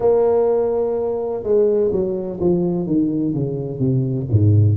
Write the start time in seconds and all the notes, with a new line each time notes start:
0.00 A#3
1.43 G#3
1.92 F#3
2.40 F3
2.86 D#3
3.33 C#3
3.79 C3
4.31 G#2